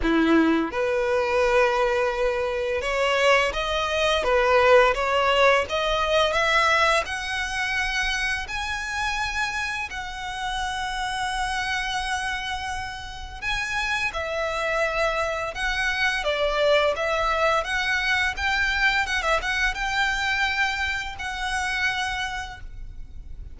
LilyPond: \new Staff \with { instrumentName = "violin" } { \time 4/4 \tempo 4 = 85 e'4 b'2. | cis''4 dis''4 b'4 cis''4 | dis''4 e''4 fis''2 | gis''2 fis''2~ |
fis''2. gis''4 | e''2 fis''4 d''4 | e''4 fis''4 g''4 fis''16 e''16 fis''8 | g''2 fis''2 | }